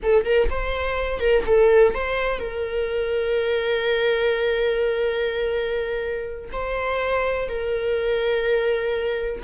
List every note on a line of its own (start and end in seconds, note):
0.02 0.24 A4
0.24 0.49 A#4
0.49 1.19 C5
1.19 1.43 A#4
1.46 1.94 A4
1.94 2.39 C5
2.39 6.50 A#4
6.52 7.49 C5
7.49 9.42 A#4